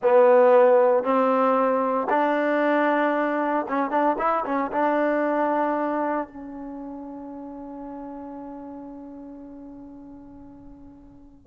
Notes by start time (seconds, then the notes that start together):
0.02 B3
1.03 C4
2.09 D4
3.68 C#4
3.90 D4
4.18 E4
4.45 C#4
4.71 D4
6.27 C#4